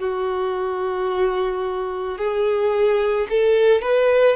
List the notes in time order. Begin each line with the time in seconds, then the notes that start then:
0.00 F#4
2.18 G#4
3.30 A4
3.82 B4